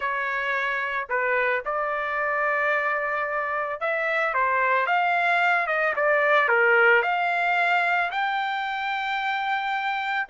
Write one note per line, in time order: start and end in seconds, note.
0.00 1.08 C#5
1.09 1.63 B4
1.65 3.80 D5
3.80 4.34 E5
4.34 4.86 C5
4.86 5.66 F5
5.66 5.93 D#5
5.96 6.48 D5
6.48 7.02 A#4
7.02 8.10 F5
8.11 10.27 G5